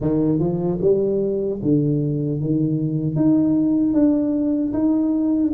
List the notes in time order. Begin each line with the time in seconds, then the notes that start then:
0.00 D#3
0.39 F3
0.81 G3
1.62 D3
2.40 D#3
3.15 D#4
3.93 D4
4.73 D#4